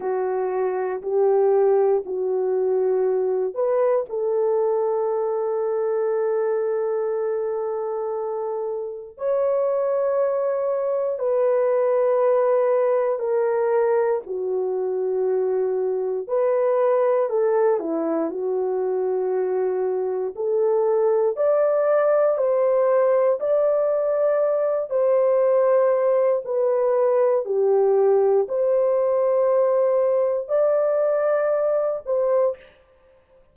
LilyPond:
\new Staff \with { instrumentName = "horn" } { \time 4/4 \tempo 4 = 59 fis'4 g'4 fis'4. b'8 | a'1~ | a'4 cis''2 b'4~ | b'4 ais'4 fis'2 |
b'4 a'8 e'8 fis'2 | a'4 d''4 c''4 d''4~ | d''8 c''4. b'4 g'4 | c''2 d''4. c''8 | }